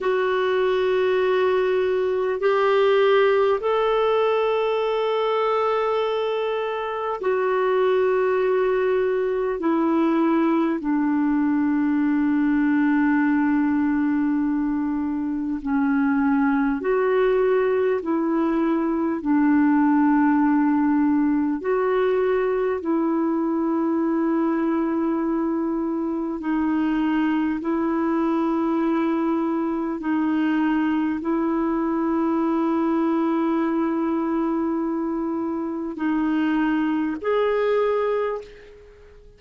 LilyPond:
\new Staff \with { instrumentName = "clarinet" } { \time 4/4 \tempo 4 = 50 fis'2 g'4 a'4~ | a'2 fis'2 | e'4 d'2.~ | d'4 cis'4 fis'4 e'4 |
d'2 fis'4 e'4~ | e'2 dis'4 e'4~ | e'4 dis'4 e'2~ | e'2 dis'4 gis'4 | }